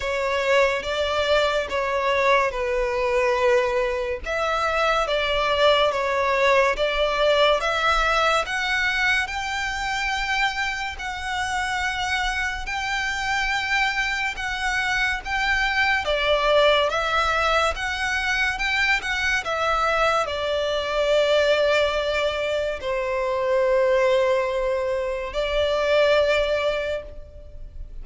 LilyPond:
\new Staff \with { instrumentName = "violin" } { \time 4/4 \tempo 4 = 71 cis''4 d''4 cis''4 b'4~ | b'4 e''4 d''4 cis''4 | d''4 e''4 fis''4 g''4~ | g''4 fis''2 g''4~ |
g''4 fis''4 g''4 d''4 | e''4 fis''4 g''8 fis''8 e''4 | d''2. c''4~ | c''2 d''2 | }